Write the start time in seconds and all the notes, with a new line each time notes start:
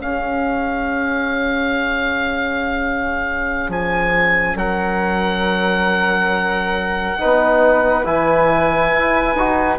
0.00 C#4 G#4 F5
3.69 F3 G#5
4.55 F#3 A#4 F#5
7.18 B3 D#4 B4
8.05 E3 E4 G#5
8.93 E4
9.35 D#4 F#4